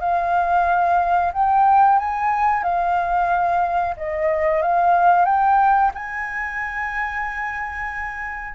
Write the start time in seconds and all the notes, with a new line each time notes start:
0.00 F5
1.32 G5
1.99 G#5
2.63 F5
3.97 D#5
4.62 F5
5.25 G5
5.94 G#5